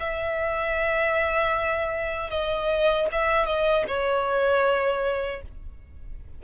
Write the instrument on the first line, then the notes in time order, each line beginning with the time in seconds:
violin
0.00 E5
2.30 D#5
3.12 E5
3.46 D#5
3.88 C#5